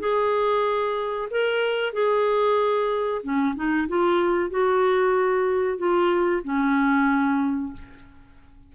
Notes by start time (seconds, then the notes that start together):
0.00 G#4
1.31 A#4
1.93 G#4
3.23 C#4
3.56 D#4
3.89 F4
4.50 F#4
5.78 F4
6.44 C#4